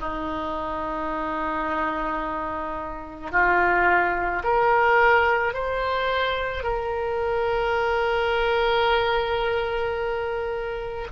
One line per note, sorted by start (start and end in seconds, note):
0.00 3.32 D#4
3.32 4.43 F4
4.44 5.54 A#4
5.54 6.64 C5
6.64 11.08 A#4